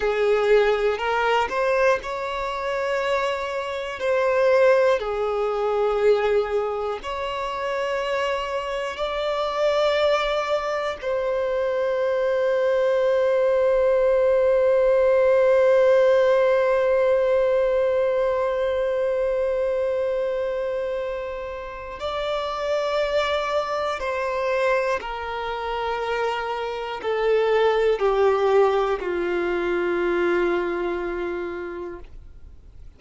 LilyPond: \new Staff \with { instrumentName = "violin" } { \time 4/4 \tempo 4 = 60 gis'4 ais'8 c''8 cis''2 | c''4 gis'2 cis''4~ | cis''4 d''2 c''4~ | c''1~ |
c''1~ | c''2 d''2 | c''4 ais'2 a'4 | g'4 f'2. | }